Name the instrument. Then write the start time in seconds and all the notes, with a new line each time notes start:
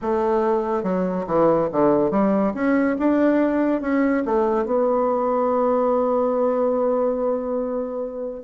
bassoon
0.01 A3
0.83 F#3
1.26 E3
1.72 D3
2.10 G3
2.54 C#4
2.98 D4
3.81 C#4
4.25 A3
4.65 B3